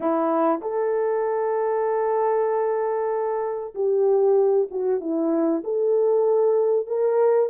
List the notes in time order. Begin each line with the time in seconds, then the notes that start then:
0.00 E4
0.61 A4
3.74 G4
4.70 F#4
5.00 E4
5.64 A4
6.87 A#4